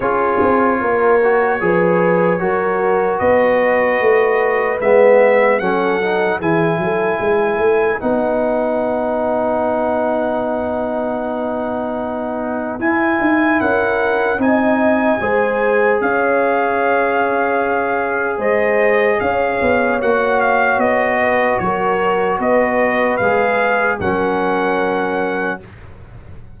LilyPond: <<
  \new Staff \with { instrumentName = "trumpet" } { \time 4/4 \tempo 4 = 75 cis''1 | dis''2 e''4 fis''4 | gis''2 fis''2~ | fis''1 |
gis''4 fis''4 gis''2 | f''2. dis''4 | f''4 fis''8 f''8 dis''4 cis''4 | dis''4 f''4 fis''2 | }
  \new Staff \with { instrumentName = "horn" } { \time 4/4 gis'4 ais'4 b'4 ais'4 | b'2. a'4 | gis'8 a'8 b'2.~ | b'1~ |
b'4 ais'4 dis''4 c''4 | cis''2. c''4 | cis''2~ cis''8 b'8 ais'4 | b'2 ais'2 | }
  \new Staff \with { instrumentName = "trombone" } { \time 4/4 f'4. fis'8 gis'4 fis'4~ | fis'2 b4 cis'8 dis'8 | e'2 dis'2~ | dis'1 |
e'2 dis'4 gis'4~ | gis'1~ | gis'4 fis'2.~ | fis'4 gis'4 cis'2 | }
  \new Staff \with { instrumentName = "tuba" } { \time 4/4 cis'8 c'8 ais4 f4 fis4 | b4 a4 gis4 fis4 | e8 fis8 gis8 a8 b2~ | b1 |
e'8 dis'8 cis'4 c'4 gis4 | cis'2. gis4 | cis'8 b8 ais4 b4 fis4 | b4 gis4 fis2 | }
>>